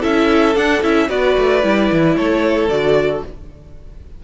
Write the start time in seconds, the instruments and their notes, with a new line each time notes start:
0.00 cello C#4, viola E4, violin A4 E5
0.55 cello D4, viola D4, violin F#5
0.82 cello C#4, viola E4, violin E5
1.08 cello B3, viola F#4, violin B4 D5
1.37 cello A3
1.62 cello G3, viola E4
1.92 cello E3
2.16 cello A3, violin A4 C#5
2.68 cello D3, viola F#4, violin D5